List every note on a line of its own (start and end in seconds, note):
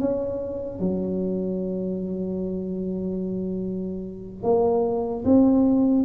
0.00 0.80 C#4
0.80 4.43 F#3
4.43 5.24 A#3
5.25 6.05 C4